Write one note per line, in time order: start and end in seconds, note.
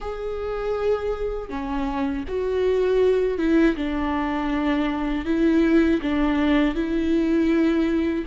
0.00 1.49 G#4
1.49 2.24 C#4
2.28 3.38 F#4
3.38 3.75 E4
3.76 5.25 D4
5.25 6.00 E4
6.01 6.75 D4
6.75 8.25 E4